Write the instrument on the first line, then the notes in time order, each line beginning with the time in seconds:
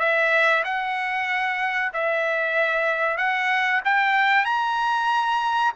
trumpet
0.00 E5
0.65 F#5
1.94 E5
3.18 F#5
3.85 G5
4.46 A#5